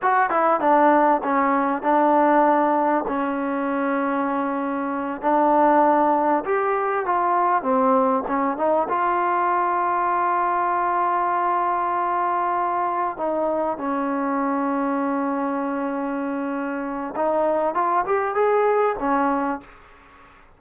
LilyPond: \new Staff \with { instrumentName = "trombone" } { \time 4/4 \tempo 4 = 98 fis'8 e'8 d'4 cis'4 d'4~ | d'4 cis'2.~ | cis'8 d'2 g'4 f'8~ | f'8 c'4 cis'8 dis'8 f'4.~ |
f'1~ | f'4. dis'4 cis'4.~ | cis'1 | dis'4 f'8 g'8 gis'4 cis'4 | }